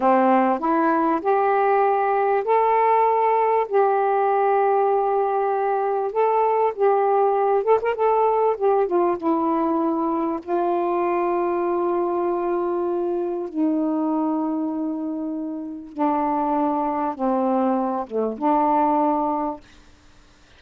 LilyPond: \new Staff \with { instrumentName = "saxophone" } { \time 4/4 \tempo 4 = 98 c'4 e'4 g'2 | a'2 g'2~ | g'2 a'4 g'4~ | g'8 a'16 ais'16 a'4 g'8 f'8 e'4~ |
e'4 f'2.~ | f'2 dis'2~ | dis'2 d'2 | c'4. a8 d'2 | }